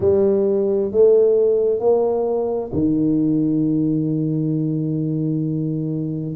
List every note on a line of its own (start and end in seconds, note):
0.00 0.91 G3
0.91 1.79 A3
1.79 2.70 A#3
2.73 6.35 D#3